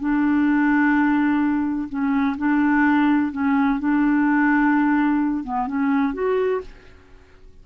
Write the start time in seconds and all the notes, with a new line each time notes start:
0.00 D4
1.89 C#4
2.38 D4
3.32 C#4
3.79 D4
5.44 B3
5.67 C#4
6.14 F#4